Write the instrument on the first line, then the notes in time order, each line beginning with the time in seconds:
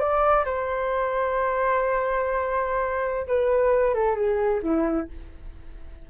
flute
0.00 D5
0.46 C5
3.28 B4
3.94 A4
4.16 G#4
4.63 E4